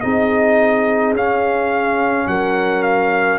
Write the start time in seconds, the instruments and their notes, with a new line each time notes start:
0.00 tuba C4, trombone D#4, horn G#4, trumpet D#5
1.12 tuba C#4, trombone C#4, trumpet F5
2.26 tuba F#3, horn A#4, trumpet F#5
2.82 trumpet F5